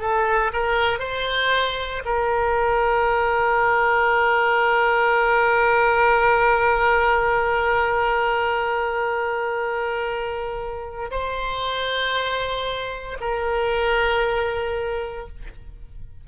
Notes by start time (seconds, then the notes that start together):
0.00 A4
0.53 A#4
1.00 C5
2.05 A#4
11.11 C5
13.20 A#4